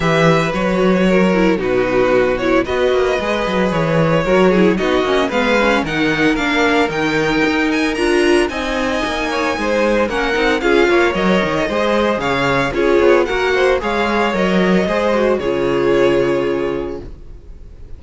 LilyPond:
<<
  \new Staff \with { instrumentName = "violin" } { \time 4/4 \tempo 4 = 113 e''4 cis''2 b'4~ | b'8 cis''8 dis''2 cis''4~ | cis''4 dis''4 f''4 fis''4 | f''4 g''4. gis''8 ais''4 |
gis''2. fis''4 | f''4 dis''2 f''4 | cis''4 fis''4 f''4 dis''4~ | dis''4 cis''2. | }
  \new Staff \with { instrumentName = "violin" } { \time 4/4 b'2 ais'4 fis'4~ | fis'4 b'2. | ais'8 gis'8 fis'4 b'4 ais'4~ | ais'1 |
dis''4. cis''8 c''4 ais'4 | gis'8 cis''4. c''4 cis''4 | gis'4 ais'8 c''8 cis''2 | c''4 gis'2. | }
  \new Staff \with { instrumentName = "viola" } { \time 4/4 g'4 fis'4. e'8 dis'4~ | dis'8 e'8 fis'4 gis'2 | fis'8 e'8 dis'8 cis'8 b8 cis'8 dis'4 | d'4 dis'2 f'4 |
dis'2. cis'8 dis'8 | f'4 ais'4 gis'2 | f'4 fis'4 gis'4 ais'4 | gis'8 fis'8 f'2. | }
  \new Staff \with { instrumentName = "cello" } { \time 4/4 e4 fis2 b,4~ | b,4 b8 ais8 gis8 fis8 e4 | fis4 b8 ais8 gis4 dis4 | ais4 dis4 dis'4 d'4 |
c'4 ais4 gis4 ais8 c'8 | cis'8 ais8 fis8 dis8 gis4 cis4 | cis'8 b8 ais4 gis4 fis4 | gis4 cis2. | }
>>